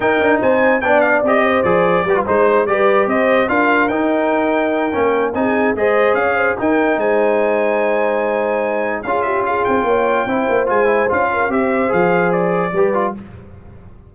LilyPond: <<
  \new Staff \with { instrumentName = "trumpet" } { \time 4/4 \tempo 4 = 146 g''4 gis''4 g''8 f''8 dis''4 | d''4. c''4 d''4 dis''8~ | dis''8 f''4 g''2~ g''8~ | g''4 gis''4 dis''4 f''4 |
g''4 gis''2.~ | gis''2 f''8 e''8 f''8 g''8~ | g''2 gis''4 f''4 | e''4 f''4 d''2 | }
  \new Staff \with { instrumentName = "horn" } { \time 4/4 ais'4 c''4 d''4. c''8~ | c''4 b'8 c''4 b'4 c''8~ | c''8 ais'2.~ ais'8~ | ais'4 gis'4 c''4 cis''8 c''8 |
ais'4 c''2.~ | c''2 gis'8 g'8 gis'4 | cis''4 c''2~ c''8 ais'8 | c''2. b'4 | }
  \new Staff \with { instrumentName = "trombone" } { \time 4/4 dis'2 d'4 g'4 | gis'4 g'16 f'16 dis'4 g'4.~ | g'8 f'4 dis'2~ dis'8 | cis'4 dis'4 gis'2 |
dis'1~ | dis'2 f'2~ | f'4 e'4 f'8 e'8 f'4 | g'4 gis'2 g'8 f'8 | }
  \new Staff \with { instrumentName = "tuba" } { \time 4/4 dis'8 d'8 c'4 b4 c'4 | f4 g8 gis4 g4 c'8~ | c'8 d'4 dis'2~ dis'8 | ais4 c'4 gis4 cis'4 |
dis'4 gis2.~ | gis2 cis'4. c'8 | ais4 c'8 ais8 gis4 cis'4 | c'4 f2 g4 | }
>>